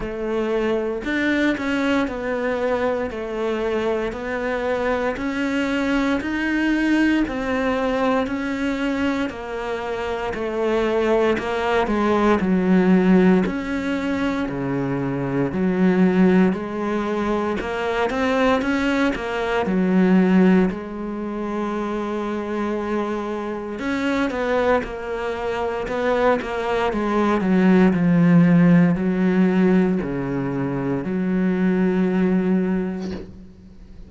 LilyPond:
\new Staff \with { instrumentName = "cello" } { \time 4/4 \tempo 4 = 58 a4 d'8 cis'8 b4 a4 | b4 cis'4 dis'4 c'4 | cis'4 ais4 a4 ais8 gis8 | fis4 cis'4 cis4 fis4 |
gis4 ais8 c'8 cis'8 ais8 fis4 | gis2. cis'8 b8 | ais4 b8 ais8 gis8 fis8 f4 | fis4 cis4 fis2 | }